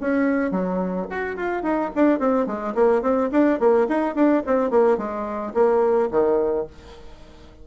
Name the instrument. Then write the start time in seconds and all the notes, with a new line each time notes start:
bassoon
0.00 C#4
0.51 F#3
1.10 F#4
1.36 F4
1.62 D#4
1.95 D4
2.19 C4
2.46 G#3
2.75 A#3
3.02 C4
3.32 D4
3.59 A#3
3.88 D#4
4.15 D4
4.46 C4
4.70 A#3
4.97 G#3
5.54 A#3
6.11 D#3